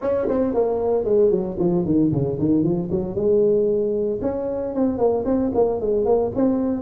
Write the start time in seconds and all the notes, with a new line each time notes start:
0.01 C#4
0.28 C4
0.54 A#3
1.04 G#3
1.31 F#3
1.59 F3
1.85 D#3
2.12 C#3
2.39 D#3
2.63 F3
2.91 F#3
3.15 G#3
4.21 C#4
4.74 C4
4.98 A#3
5.25 C4
5.54 A#3
5.80 G#3
6.05 A#3
6.35 C4